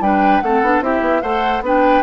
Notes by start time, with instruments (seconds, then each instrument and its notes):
0.00 bassoon G3, clarinet D4, oboe B4, flute G5
0.40 bassoon A3, clarinet C4, oboe A4, flute F#5
0.62 bassoon B3, clarinet D4
0.80 bassoon C4, clarinet E4, oboe G4, flute E5
1.01 bassoon B3
1.22 bassoon A3, clarinet A4, oboe C5, flute F#5
1.61 bassoon B3, clarinet D4, oboe B4
1.67 flute G5